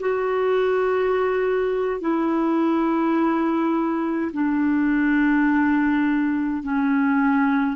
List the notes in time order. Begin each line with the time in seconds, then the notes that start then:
0.00 F#4
2.00 E4
4.33 D4
6.63 C#4